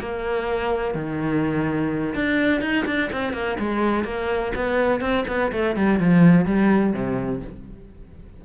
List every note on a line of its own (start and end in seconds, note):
0.00 0.95 A#3
0.95 2.15 D#3
2.15 2.62 D4
2.62 2.86 D#4
2.86 3.10 D4
3.13 3.34 C4
3.34 3.58 A#3
3.60 4.05 G#3
4.05 4.53 A#3
4.55 5.01 B3
5.01 5.25 C4
5.28 5.52 B3
5.52 5.76 A3
5.76 6.00 G3
6.00 6.46 F3
6.46 6.94 G3
6.94 7.42 C3